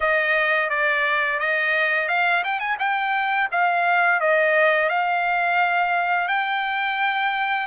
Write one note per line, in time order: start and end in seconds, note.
0.00 0.69 D#5
0.69 1.39 D5
1.40 2.08 D#5
2.08 2.43 F5
2.44 2.59 G5
2.59 2.77 G#5
2.79 3.49 G5
3.51 4.20 F5
4.20 4.89 D#5
4.89 6.28 F5
6.28 7.66 G5